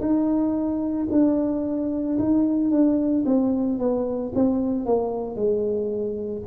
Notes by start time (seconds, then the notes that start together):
0.00 D#4
1.11 D4
2.19 D#4
2.71 D4
3.25 C4
3.78 B3
4.34 C4
4.85 A#3
5.36 G#3